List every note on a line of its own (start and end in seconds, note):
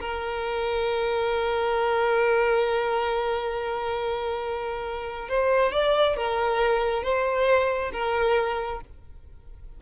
0.00 5.28 A#4
5.28 5.72 C5
5.72 6.16 D5
6.16 7.03 A#4
7.03 7.91 C5
7.92 8.81 A#4